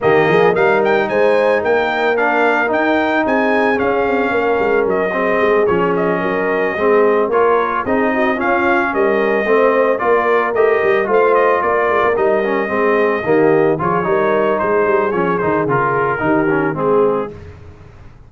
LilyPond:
<<
  \new Staff \with { instrumentName = "trumpet" } { \time 4/4 \tempo 4 = 111 dis''4 f''8 g''8 gis''4 g''4 | f''4 g''4 gis''4 f''4~ | f''4 dis''4. cis''8 dis''4~ | dis''4. cis''4 dis''4 f''8~ |
f''8 dis''2 d''4 dis''8~ | dis''8 f''8 dis''8 d''4 dis''4.~ | dis''4. cis''4. c''4 | cis''8 c''8 ais'2 gis'4 | }
  \new Staff \with { instrumentName = "horn" } { \time 4/4 g'8 gis'8 ais'4 c''4 ais'4~ | ais'2 gis'2 | ais'4. gis'2 ais'8~ | ais'8 gis'4 ais'4 gis'8 fis'8 f'8~ |
f'8 ais'4 c''4 ais'4.~ | ais'8 c''4 ais'2 gis'8~ | gis'8 g'4 gis'8 ais'4 gis'4~ | gis'2 g'4 gis'4 | }
  \new Staff \with { instrumentName = "trombone" } { \time 4/4 ais4 dis'2. | d'4 dis'2 cis'4~ | cis'4. c'4 cis'4.~ | cis'8 c'4 f'4 dis'4 cis'8~ |
cis'4. c'4 f'4 g'8~ | g'8 f'2 dis'8 cis'8 c'8~ | c'8 ais4 f'8 dis'2 | cis'8 dis'8 f'4 dis'8 cis'8 c'4 | }
  \new Staff \with { instrumentName = "tuba" } { \time 4/4 dis8 f8 g4 gis4 ais4~ | ais4 dis'4 c'4 cis'8 c'8 | ais8 gis8 fis4 gis8 f4 fis8~ | fis8 gis4 ais4 c'4 cis'8~ |
cis'8 g4 a4 ais4 a8 | g8 a4 ais8 gis16 ais16 g4 gis8~ | gis8 dis4 f8 g4 gis8 g8 | f8 dis8 cis4 dis4 gis4 | }
>>